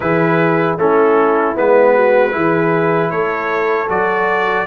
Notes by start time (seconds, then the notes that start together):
0.00 E3 E4 G#4 B4
0.78 A3 C#4 E4 A4
1.55 G#3 B3 B4
1.94 F#4
2.31 E3 E4 G#4
3.10 A3 A4 C#5
3.88 F#3 F#4 D5